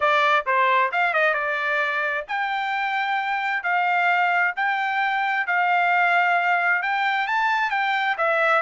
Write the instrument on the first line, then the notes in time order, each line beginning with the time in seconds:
trumpet
0.00 D5
0.46 C5
0.92 F5
1.13 D#5
1.33 D5
2.28 G5
3.63 F5
4.56 G5
5.46 F5
6.82 G5
7.27 A5
7.70 G5
8.17 E5